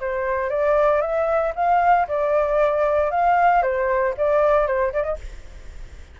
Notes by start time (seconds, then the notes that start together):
0.00 C5
0.50 D5
1.01 E5
1.55 F5
2.08 D5
3.11 F5
3.62 C5
4.17 D5
4.66 C5
4.93 D5
5.03 D#5